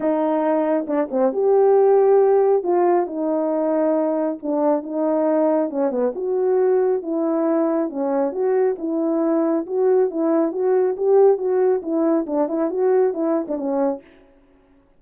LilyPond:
\new Staff \with { instrumentName = "horn" } { \time 4/4 \tempo 4 = 137 dis'2 d'8 c'8 g'4~ | g'2 f'4 dis'4~ | dis'2 d'4 dis'4~ | dis'4 cis'8 b8 fis'2 |
e'2 cis'4 fis'4 | e'2 fis'4 e'4 | fis'4 g'4 fis'4 e'4 | d'8 e'8 fis'4 e'8. d'16 cis'4 | }